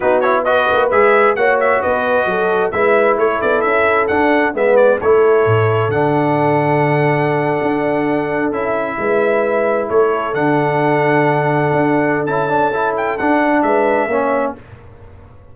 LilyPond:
<<
  \new Staff \with { instrumentName = "trumpet" } { \time 4/4 \tempo 4 = 132 b'8 cis''8 dis''4 e''4 fis''8 e''8 | dis''2 e''4 cis''8 d''8 | e''4 fis''4 e''8 d''8 cis''4~ | cis''4 fis''2.~ |
fis''2~ fis''8. e''4~ e''16~ | e''4.~ e''16 cis''4 fis''4~ fis''16~ | fis''2. a''4~ | a''8 g''8 fis''4 e''2 | }
  \new Staff \with { instrumentName = "horn" } { \time 4/4 fis'4 b'2 cis''4 | b'4 a'4 b'4 a'4~ | a'2 b'4 a'4~ | a'1~ |
a'2.~ a'8. b'16~ | b'4.~ b'16 a'2~ a'16~ | a'1~ | a'2 b'4 cis''4 | }
  \new Staff \with { instrumentName = "trombone" } { \time 4/4 dis'8 e'8 fis'4 gis'4 fis'4~ | fis'2 e'2~ | e'4 d'4 b4 e'4~ | e'4 d'2.~ |
d'2~ d'8. e'4~ e'16~ | e'2~ e'8. d'4~ d'16~ | d'2. e'8 d'8 | e'4 d'2 cis'4 | }
  \new Staff \with { instrumentName = "tuba" } { \time 4/4 b4. ais8 gis4 ais4 | b4 fis4 gis4 a8 b8 | cis'4 d'4 gis4 a4 | a,4 d2.~ |
d8. d'2 cis'4 gis16~ | gis4.~ gis16 a4 d4~ d16~ | d4.~ d16 d'4~ d'16 cis'4~ | cis'4 d'4 gis4 ais4 | }
>>